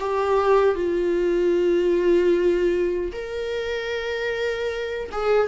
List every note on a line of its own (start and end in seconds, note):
0.00 0.75 G4
0.75 3.12 F4
3.13 5.10 A#4
5.12 5.48 G#4